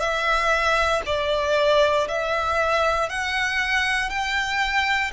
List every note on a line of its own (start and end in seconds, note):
0.00 1.02 E5
1.06 2.08 D5
2.08 3.09 E5
3.09 4.10 F#5
4.10 5.11 G5